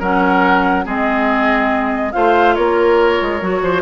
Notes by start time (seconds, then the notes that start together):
0.00 F#3 C#4 A#4 F#5
0.85 G#3 C4 G#4 D#5
2.12 A3 F4 C5 F5
2.55 A#3 A#4 C#5
3.21 G#3
3.41 F#3 F#4
3.62 F3 C5